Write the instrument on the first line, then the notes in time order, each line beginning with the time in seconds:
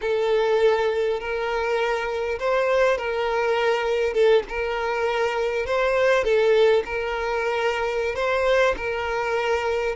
violin
0.01 A4
1.19 A#4
2.39 C5
2.97 A#4
4.13 A4
4.48 A#4
5.66 C5
6.23 A4
6.85 A#4
8.15 C5
8.76 A#4